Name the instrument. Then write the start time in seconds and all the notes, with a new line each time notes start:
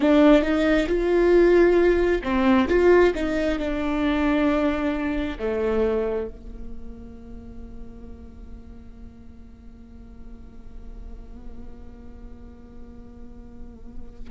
viola
0.00 D4
0.42 D#4
0.87 F4
2.23 C4
2.68 F4
3.15 D#4
3.59 D4
5.39 A3
6.28 A#3